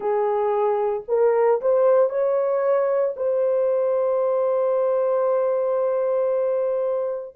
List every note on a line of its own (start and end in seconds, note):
0.00 1.03 G#4
1.08 1.60 A#4
1.61 2.09 C5
2.09 3.14 C#5
3.16 7.35 C5